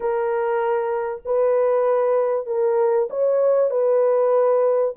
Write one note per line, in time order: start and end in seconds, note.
0.00 1.22 A#4
1.25 2.46 B4
2.46 3.08 A#4
3.10 3.70 C#5
3.70 4.94 B4